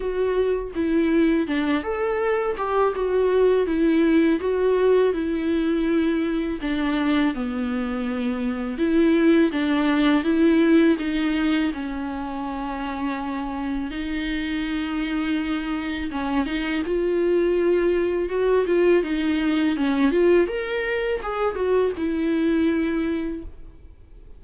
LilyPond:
\new Staff \with { instrumentName = "viola" } { \time 4/4 \tempo 4 = 82 fis'4 e'4 d'8 a'4 g'8 | fis'4 e'4 fis'4 e'4~ | e'4 d'4 b2 | e'4 d'4 e'4 dis'4 |
cis'2. dis'4~ | dis'2 cis'8 dis'8 f'4~ | f'4 fis'8 f'8 dis'4 cis'8 f'8 | ais'4 gis'8 fis'8 e'2 | }